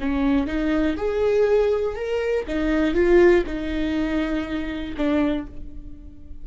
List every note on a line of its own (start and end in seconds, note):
0.00 0.47 C#4
0.47 0.96 D#4
0.97 1.96 G#4
1.96 2.45 A#4
2.47 2.94 D#4
2.94 3.44 F4
3.46 4.95 D#4
4.97 5.47 D4